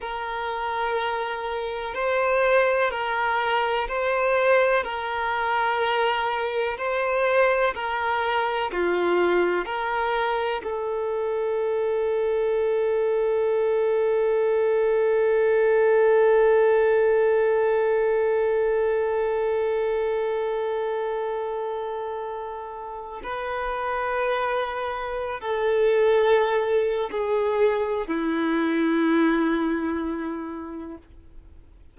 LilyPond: \new Staff \with { instrumentName = "violin" } { \time 4/4 \tempo 4 = 62 ais'2 c''4 ais'4 | c''4 ais'2 c''4 | ais'4 f'4 ais'4 a'4~ | a'1~ |
a'1~ | a'1 | b'2~ b'16 a'4.~ a'16 | gis'4 e'2. | }